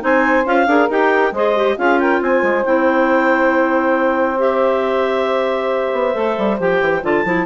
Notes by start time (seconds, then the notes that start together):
0.00 C4 D#4 C5 G#5
0.46 C#4 F4 F5
0.67 D4 G#4 A#4
0.90 D#4 G4 G5
1.32 G#3 G#4 C5 D#5
1.56 G4
1.77 C#4 F4 G#4 F5
2.00 A#4 G5
2.21 C4 C5 G#5
2.43 G#3
2.65 C4 E4 G5
4.38 G4 E5
5.93 B3
6.14 A3 A4
6.38 G3
6.59 F3 G4 G5
6.81 E3
7.03 D3 F4 A5
7.25 F3 E4